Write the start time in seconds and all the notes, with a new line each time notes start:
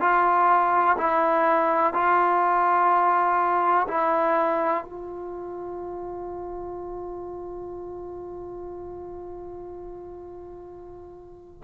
0.00 F4
0.98 E4
1.94 F4
3.88 E4
4.84 F4